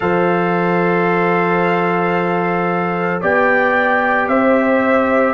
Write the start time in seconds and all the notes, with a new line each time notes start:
0.00 F3 A4 C5 F5
3.21 B3 G4 D5 G5
4.27 C4 C5 E5